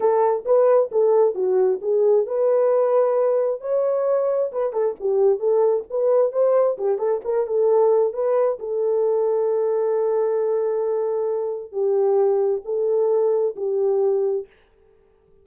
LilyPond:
\new Staff \with { instrumentName = "horn" } { \time 4/4 \tempo 4 = 133 a'4 b'4 a'4 fis'4 | gis'4 b'2. | cis''2 b'8 a'8 g'4 | a'4 b'4 c''4 g'8 a'8 |
ais'8 a'4. b'4 a'4~ | a'1~ | a'2 g'2 | a'2 g'2 | }